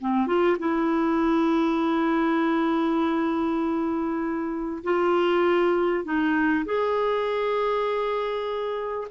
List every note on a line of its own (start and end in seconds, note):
0.00 0.27 C4
0.27 0.57 F4
0.58 4.83 E4
4.83 6.04 F4
6.04 6.64 D#4
6.65 9.07 G#4